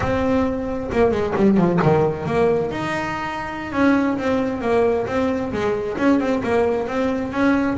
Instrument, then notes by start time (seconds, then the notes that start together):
double bass
0.00 C4
0.92 A#3
1.11 G#3
1.36 G3
1.57 F3
1.82 D#3
2.26 A#3
2.71 D#4
3.72 C#4
4.18 C4
4.61 A#3
5.06 C4
5.52 G#3
5.97 C#4
6.19 C4
6.43 A#3
6.87 C4
7.32 C#4